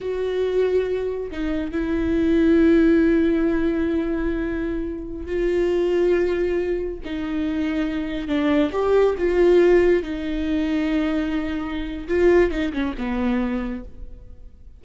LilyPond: \new Staff \with { instrumentName = "viola" } { \time 4/4 \tempo 4 = 139 fis'2. dis'4 | e'1~ | e'1~ | e'16 f'2.~ f'8.~ |
f'16 dis'2. d'8.~ | d'16 g'4 f'2 dis'8.~ | dis'1 | f'4 dis'8 cis'8 b2 | }